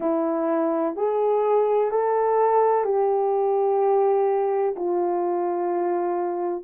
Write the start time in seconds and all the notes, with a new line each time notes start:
0.00 E4
0.95 G#4
1.90 A4
2.84 G4
4.76 F4